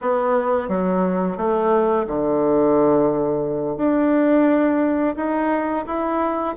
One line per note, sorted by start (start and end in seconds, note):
0.01 0.68 B3
0.68 1.37 F#3
1.37 2.06 A3
2.07 3.77 D3
3.77 5.15 D4
5.16 5.85 D#4
5.86 6.55 E4